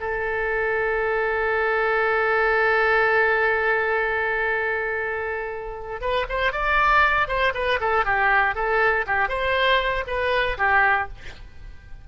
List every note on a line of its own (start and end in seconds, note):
0.00 6.01 A4
6.01 6.26 B4
6.29 6.52 C5
6.52 7.27 D5
7.27 7.52 C5
7.54 7.79 B4
7.80 8.05 A4
8.05 8.55 G4
8.55 9.05 A4
9.06 9.28 G4
9.28 10.04 C5
10.07 10.57 B4
10.57 11.08 G4